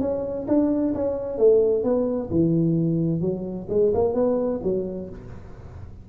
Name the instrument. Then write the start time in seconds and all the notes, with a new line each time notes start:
tuba
0.00 C#4
0.47 D4
0.94 C#4
1.38 A3
1.83 B3
2.30 E3
3.21 F#3
3.69 G#3
3.94 A#3
4.14 B3
4.63 F#3